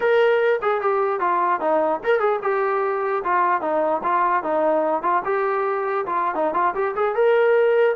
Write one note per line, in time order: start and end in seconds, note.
0.00 0.59 A#4
0.62 0.81 G#4
0.81 1.20 G4
1.20 1.60 F4
1.60 2.00 D#4
2.03 2.19 A#4
2.19 2.39 G#4
2.42 3.23 G4
3.24 3.61 F4
3.61 4.01 D#4
4.03 4.43 F4
4.43 5.02 D#4
5.02 5.22 F4
5.25 6.05 G4
6.06 6.34 F4
6.34 6.54 D#4
6.54 6.74 F4
6.74 6.94 G4
6.95 7.15 G#4
7.15 7.95 A#4